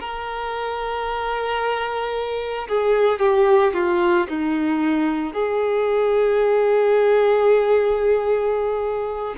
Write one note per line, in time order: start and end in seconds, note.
0.00 2.68 A#4
2.68 3.19 G#4
3.19 3.73 G4
3.74 4.27 F4
4.29 5.33 D#4
5.33 9.35 G#4